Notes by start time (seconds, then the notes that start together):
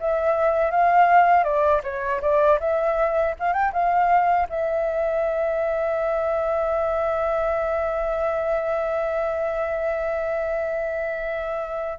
0.00 E5
0.71 F5
1.44 D5
1.84 C#5
2.22 D5
2.60 E5
3.40 F5
3.53 G5
3.73 F5
4.50 E5